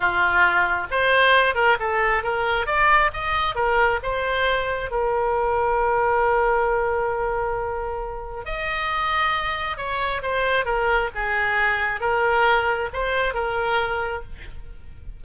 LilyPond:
\new Staff \with { instrumentName = "oboe" } { \time 4/4 \tempo 4 = 135 f'2 c''4. ais'8 | a'4 ais'4 d''4 dis''4 | ais'4 c''2 ais'4~ | ais'1~ |
ais'2. dis''4~ | dis''2 cis''4 c''4 | ais'4 gis'2 ais'4~ | ais'4 c''4 ais'2 | }